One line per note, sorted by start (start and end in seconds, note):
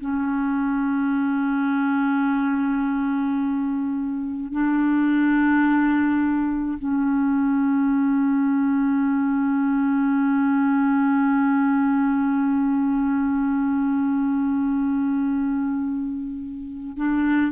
0.00 4.52 C#4
4.52 6.78 D4
6.78 16.97 C#4
16.97 17.52 D4